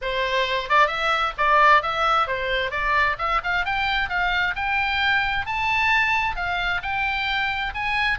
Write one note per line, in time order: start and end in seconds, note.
0.01 0.69 C5
0.69 0.87 D5
0.87 1.32 E5
1.37 1.82 D5
1.82 2.27 E5
2.27 2.70 C5
2.70 3.16 D5
3.18 3.41 E5
3.43 3.65 F5
3.65 4.09 G5
4.09 4.54 F5
4.55 5.46 G5
5.46 6.35 A5
6.35 6.81 F5
6.82 7.73 G5
7.74 8.18 G#5